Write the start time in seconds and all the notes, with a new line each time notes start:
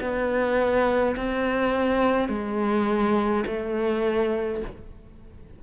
0.00 B3
1.16 C4
2.29 G#3
3.46 A3